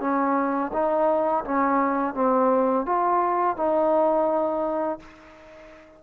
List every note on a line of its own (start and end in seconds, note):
0.00 0.71 C#4
0.73 1.44 D#4
1.44 2.14 C#4
2.14 2.86 C4
2.86 3.56 F4
3.56 4.99 D#4